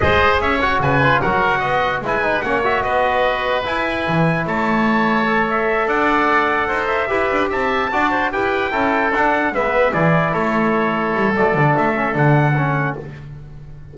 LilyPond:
<<
  \new Staff \with { instrumentName = "trumpet" } { \time 4/4 \tempo 4 = 148 dis''4 e''8 fis''8 gis''4 fis''4~ | fis''4 gis''4 fis''8 e''8 dis''4~ | dis''4 gis''2 a''4~ | a''4. e''4 fis''4.~ |
fis''4 e''4. a''4.~ | a''8 g''2 fis''4 e''8~ | e''8 d''4 cis''2~ cis''8 | d''4 e''4 fis''2 | }
  \new Staff \with { instrumentName = "oboe" } { \time 4/4 c''4 cis''4 b'4 ais'4 | dis''4 b'4 cis''4 b'4~ | b'2. cis''4~ | cis''2~ cis''8 d''4.~ |
d''8 c''4 b'4 e''4 d''8 | c''8 b'4 a'2 b'8~ | b'8 gis'4 a'2~ a'8~ | a'1 | }
  \new Staff \with { instrumentName = "trombone" } { \time 4/4 gis'4. fis'4 f'8 fis'4~ | fis'4 e'8 dis'8 cis'8 fis'4.~ | fis'4 e'2.~ | e'4 a'2.~ |
a'4. g'2 fis'8~ | fis'8 g'4 e'4 d'4 b8~ | b8 e'2.~ e'8 | a8 d'4 cis'8 d'4 cis'4 | }
  \new Staff \with { instrumentName = "double bass" } { \time 4/4 gis4 cis'4 cis4 fis4 | b4 gis4 ais4 b4~ | b4 e'4 e4 a4~ | a2~ a8 d'4.~ |
d'8 dis'4 e'8 d'8 c'4 d'8~ | d'8 e'4 cis'4 d'4 gis8~ | gis8 e4 a2 g8 | fis8 d8 a4 d2 | }
>>